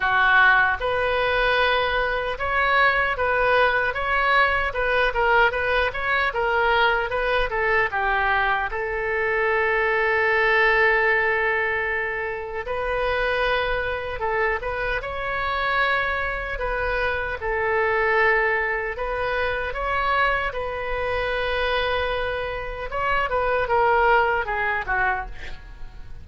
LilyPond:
\new Staff \with { instrumentName = "oboe" } { \time 4/4 \tempo 4 = 76 fis'4 b'2 cis''4 | b'4 cis''4 b'8 ais'8 b'8 cis''8 | ais'4 b'8 a'8 g'4 a'4~ | a'1 |
b'2 a'8 b'8 cis''4~ | cis''4 b'4 a'2 | b'4 cis''4 b'2~ | b'4 cis''8 b'8 ais'4 gis'8 fis'8 | }